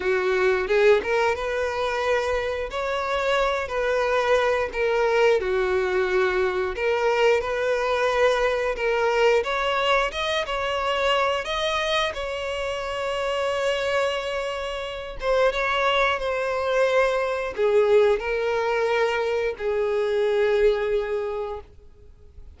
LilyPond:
\new Staff \with { instrumentName = "violin" } { \time 4/4 \tempo 4 = 89 fis'4 gis'8 ais'8 b'2 | cis''4. b'4. ais'4 | fis'2 ais'4 b'4~ | b'4 ais'4 cis''4 dis''8 cis''8~ |
cis''4 dis''4 cis''2~ | cis''2~ cis''8 c''8 cis''4 | c''2 gis'4 ais'4~ | ais'4 gis'2. | }